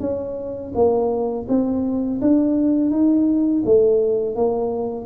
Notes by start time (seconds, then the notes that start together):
0.00 C#4
0.75 A#3
1.48 C4
2.21 D4
2.90 D#4
3.65 A3
4.36 A#3